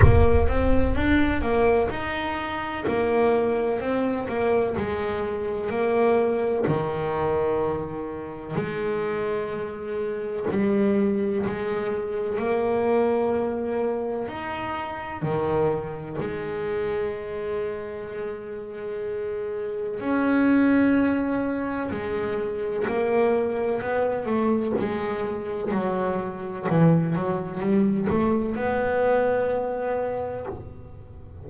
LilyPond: \new Staff \with { instrumentName = "double bass" } { \time 4/4 \tempo 4 = 63 ais8 c'8 d'8 ais8 dis'4 ais4 | c'8 ais8 gis4 ais4 dis4~ | dis4 gis2 g4 | gis4 ais2 dis'4 |
dis4 gis2.~ | gis4 cis'2 gis4 | ais4 b8 a8 gis4 fis4 | e8 fis8 g8 a8 b2 | }